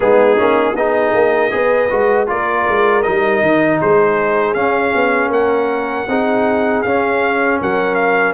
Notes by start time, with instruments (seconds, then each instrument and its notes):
0.00 tuba G#3, trombone B3, horn D#4, trumpet G#4
0.36 tuba A#3, trombone C#4
0.74 tuba B3, trombone D#4, horn G#4, trumpet D#5
1.14 tuba A#3
1.50 tuba B3, trombone G#4, horn B4
1.90 tuba G#3, trombone F#4
2.26 tuba A#3, trombone F4, horn A#4, trumpet D5
2.68 tuba G#3
3.02 tuba G3, trombone D#4, trumpet D#5
3.41 tuba D#3
3.80 tuba G#3, horn G#4, trumpet C5
4.54 tuba C#4, trombone C#4, trumpet F5
4.94 tuba B3
5.28 tuba A#3, horn A#4, trumpet F#5
6.08 tuba C4, trombone D#4, horn G#4
6.82 tuba C#4, trombone C#4, trumpet F5
7.61 tuba F#3, horn A#4, trumpet F#5
7.94 trumpet F5